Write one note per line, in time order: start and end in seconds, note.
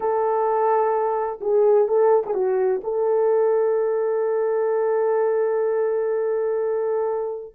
0.00 1.40 A4
1.40 1.87 G#4
1.88 2.23 A4
2.26 2.34 G#4
2.34 2.81 F#4
2.83 7.54 A4